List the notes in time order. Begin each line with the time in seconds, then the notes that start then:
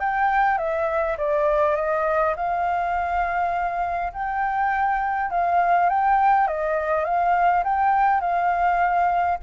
0.00 G5
0.58 E5
1.18 D5
1.76 D#5
2.37 F5
4.13 G5
5.31 F5
5.90 G5
6.48 D#5
7.05 F5
7.64 G5
8.21 F5